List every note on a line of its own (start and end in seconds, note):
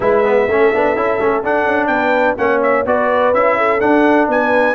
0.00 0.47 G#3
0.00 0.24 E4
0.00 0.46 B4
0.00 1.43 E5
0.24 0.48 B3
0.47 0.71 A3
0.47 0.74 C#4
0.47 1.90 A4
0.73 0.95 B3
0.73 0.96 D4
0.95 1.19 C#4
0.95 1.19 E4
1.19 1.43 A3
1.19 1.43 C#4
1.43 1.65 D4
1.43 2.37 D4
1.43 1.87 F#5
1.65 1.87 C#4
1.87 2.35 B3
1.87 2.37 B4
1.87 2.34 G5
2.37 2.85 A#3
2.37 2.85 C#4
2.37 2.86 C#5
2.37 2.61 F#5
2.62 2.86 E5
2.85 3.33 B3
2.85 3.33 F#4
2.85 3.57 B4
2.85 3.34 D5
3.33 3.81 C#4
3.33 3.80 E4
3.33 3.80 E5
3.57 4.29 A4
3.80 4.74 D4
3.80 4.27 D4
3.80 4.28 F#5
4.27 4.74 B3
4.27 4.74 B4
4.27 4.74 G#5